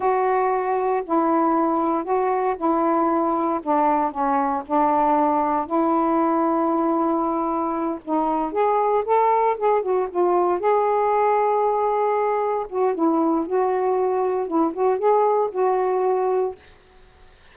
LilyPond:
\new Staff \with { instrumentName = "saxophone" } { \time 4/4 \tempo 4 = 116 fis'2 e'2 | fis'4 e'2 d'4 | cis'4 d'2 e'4~ | e'2.~ e'8 dis'8~ |
dis'8 gis'4 a'4 gis'8 fis'8 f'8~ | f'8 gis'2.~ gis'8~ | gis'8 fis'8 e'4 fis'2 | e'8 fis'8 gis'4 fis'2 | }